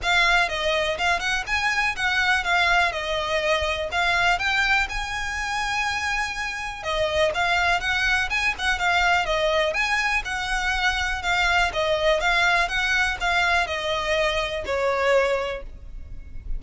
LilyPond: \new Staff \with { instrumentName = "violin" } { \time 4/4 \tempo 4 = 123 f''4 dis''4 f''8 fis''8 gis''4 | fis''4 f''4 dis''2 | f''4 g''4 gis''2~ | gis''2 dis''4 f''4 |
fis''4 gis''8 fis''8 f''4 dis''4 | gis''4 fis''2 f''4 | dis''4 f''4 fis''4 f''4 | dis''2 cis''2 | }